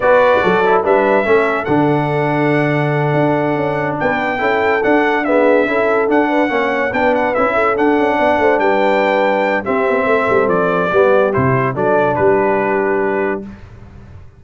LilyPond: <<
  \new Staff \with { instrumentName = "trumpet" } { \time 4/4 \tempo 4 = 143 d''2 e''2 | fis''1~ | fis''4. g''2 fis''8~ | fis''8 e''2 fis''4.~ |
fis''8 g''8 fis''8 e''4 fis''4.~ | fis''8 g''2~ g''8 e''4~ | e''4 d''2 c''4 | d''4 b'2. | }
  \new Staff \with { instrumentName = "horn" } { \time 4/4 b'4 a'4 b'4 a'4~ | a'1~ | a'4. b'4 a'4.~ | a'8 gis'4 a'4. b'8 cis''8~ |
cis''8 b'4. a'4. d''8 | c''8 b'2~ b'8 g'4 | a'2 g'2 | a'4 g'2. | }
  \new Staff \with { instrumentName = "trombone" } { \time 4/4 fis'4. e'8 d'4 cis'4 | d'1~ | d'2~ d'8 e'4 d'8~ | d'8 b4 e'4 d'4 cis'8~ |
cis'8 d'4 e'4 d'4.~ | d'2. c'4~ | c'2 b4 e'4 | d'1 | }
  \new Staff \with { instrumentName = "tuba" } { \time 4/4 b4 fis4 g4 a4 | d2.~ d8 d'8~ | d'8 cis'4 b4 cis'4 d'8~ | d'4. cis'4 d'4 ais8~ |
ais8 b4 cis'4 d'8 cis'8 b8 | a8 g2~ g8 c'8 b8 | a8 g8 f4 g4 c4 | fis4 g2. | }
>>